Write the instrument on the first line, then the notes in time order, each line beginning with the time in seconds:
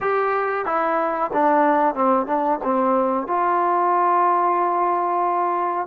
trombone
0.00 G4
0.65 E4
1.33 D4
1.94 C4
2.26 D4
2.63 C4
3.27 F4